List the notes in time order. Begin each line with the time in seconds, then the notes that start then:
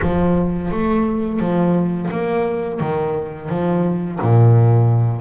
0.01 F3
0.71 A3
1.39 F3
2.11 A#3
2.80 D#3
3.49 F3
4.21 A#2